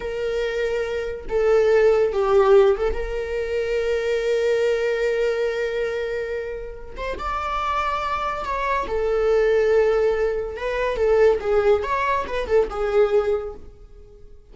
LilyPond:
\new Staff \with { instrumentName = "viola" } { \time 4/4 \tempo 4 = 142 ais'2. a'4~ | a'4 g'4. a'8 ais'4~ | ais'1~ | ais'1~ |
ais'8 c''8 d''2. | cis''4 a'2.~ | a'4 b'4 a'4 gis'4 | cis''4 b'8 a'8 gis'2 | }